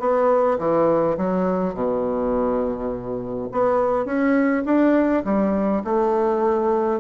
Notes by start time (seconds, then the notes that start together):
0.00 B3
0.59 E3
1.18 F#3
1.75 B2
3.52 B3
4.06 C#4
4.66 D4
5.25 G3
5.84 A3